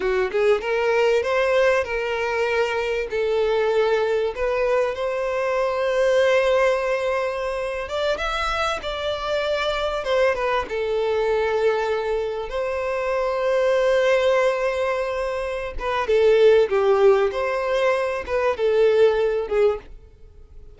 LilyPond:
\new Staff \with { instrumentName = "violin" } { \time 4/4 \tempo 4 = 97 fis'8 gis'8 ais'4 c''4 ais'4~ | ais'4 a'2 b'4 | c''1~ | c''8. d''8 e''4 d''4.~ d''16~ |
d''16 c''8 b'8 a'2~ a'8.~ | a'16 c''2.~ c''8.~ | c''4. b'8 a'4 g'4 | c''4. b'8 a'4. gis'8 | }